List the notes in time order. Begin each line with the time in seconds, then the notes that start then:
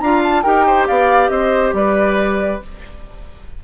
0.00 D4 F4 F5 A#5
0.23 A5
0.43 D#4 G4 A#4 G5
0.67 C5
0.87 B3 D5 F5
1.29 C4 C5 D#5
1.73 G3 B4 D5